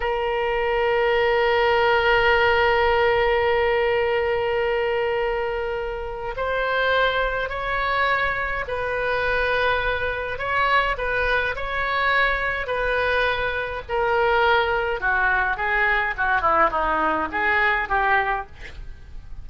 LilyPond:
\new Staff \with { instrumentName = "oboe" } { \time 4/4 \tempo 4 = 104 ais'1~ | ais'1~ | ais'2. c''4~ | c''4 cis''2 b'4~ |
b'2 cis''4 b'4 | cis''2 b'2 | ais'2 fis'4 gis'4 | fis'8 e'8 dis'4 gis'4 g'4 | }